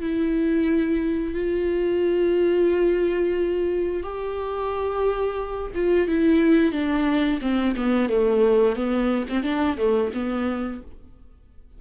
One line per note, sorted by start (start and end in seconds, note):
0.00 1.34 E4
1.34 4.03 F4
4.03 5.72 G4
5.75 6.08 F4
6.08 6.72 E4
6.72 7.39 D4
7.41 7.75 C4
7.76 8.09 B3
8.09 8.76 A3
8.76 9.26 B3
9.29 9.43 C4
9.43 9.77 D4
9.78 10.11 A3
10.14 10.81 B3